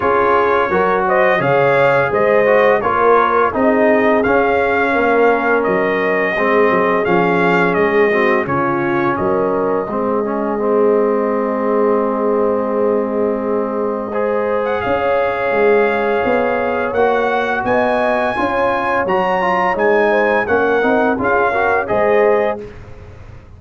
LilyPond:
<<
  \new Staff \with { instrumentName = "trumpet" } { \time 4/4 \tempo 4 = 85 cis''4. dis''8 f''4 dis''4 | cis''4 dis''4 f''2 | dis''2 f''4 dis''4 | cis''4 dis''2.~ |
dis''1~ | dis''8. fis''16 f''2. | fis''4 gis''2 ais''4 | gis''4 fis''4 f''4 dis''4 | }
  \new Staff \with { instrumentName = "horn" } { \time 4/4 gis'4 ais'8 c''8 cis''4 c''4 | ais'4 gis'2 ais'4~ | ais'4 gis'2~ gis'8 fis'8 | f'4 ais'4 gis'2~ |
gis'1 | c''4 cis''2.~ | cis''4 dis''4 cis''2~ | cis''8 c''8 ais'4 gis'8 ais'8 c''4 | }
  \new Staff \with { instrumentName = "trombone" } { \time 4/4 f'4 fis'4 gis'4. fis'8 | f'4 dis'4 cis'2~ | cis'4 c'4 cis'4. c'8 | cis'2 c'8 cis'8 c'4~ |
c'1 | gis'1 | fis'2 f'4 fis'8 f'8 | dis'4 cis'8 dis'8 f'8 fis'8 gis'4 | }
  \new Staff \with { instrumentName = "tuba" } { \time 4/4 cis'4 fis4 cis4 gis4 | ais4 c'4 cis'4 ais4 | fis4 gis8 fis8 f4 gis4 | cis4 fis4 gis2~ |
gis1~ | gis4 cis'4 gis4 b4 | ais4 b4 cis'4 fis4 | gis4 ais8 c'8 cis'4 gis4 | }
>>